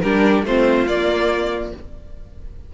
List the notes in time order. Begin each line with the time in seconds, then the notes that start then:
0.00 G3 D4 G4 A#4
0.43 A3 C4 F4 C5
0.87 A#3 D5